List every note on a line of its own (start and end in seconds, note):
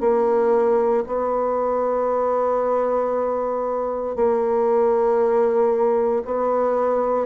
0.00 1.03 A#3
1.06 4.16 B3
4.16 6.23 A#3
6.25 7.26 B3